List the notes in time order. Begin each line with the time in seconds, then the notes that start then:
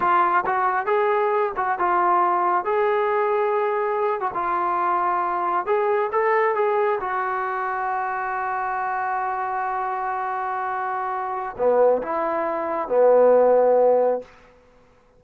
0.00 F4
0.45 F#4
0.85 G#4
1.56 F#4
1.78 F4
2.64 G#4
4.20 F#4
4.34 F4
5.65 G#4
6.12 A4
6.55 G#4
7.00 F#4
11.57 B3
12.02 E4
12.88 B3